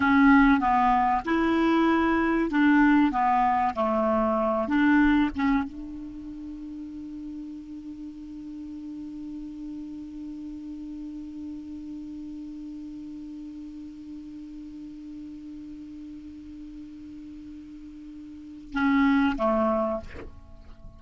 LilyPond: \new Staff \with { instrumentName = "clarinet" } { \time 4/4 \tempo 4 = 96 cis'4 b4 e'2 | d'4 b4 a4. d'8~ | d'8 cis'8 d'2.~ | d'1~ |
d'1~ | d'1~ | d'1~ | d'2 cis'4 a4 | }